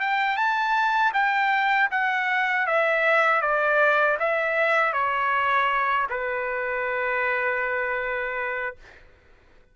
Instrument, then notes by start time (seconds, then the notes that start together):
trumpet
0.00 G5
0.36 A5
1.13 G5
1.91 F#5
2.66 E5
3.41 D5
4.19 E5
4.93 C#5
6.10 B4